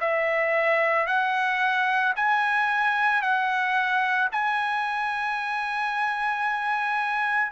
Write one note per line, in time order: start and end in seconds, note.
0.00 1.06 E5
1.06 2.13 F#5
2.15 3.21 G#5
3.21 4.29 F#5
4.31 7.51 G#5